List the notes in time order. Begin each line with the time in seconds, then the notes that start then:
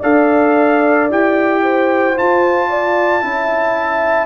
0.00 D4 A4 D5 F5
1.10 E4 G4 G5
1.62 C5
2.16 F4 A5
2.69 D5
3.22 C#4 E4 E5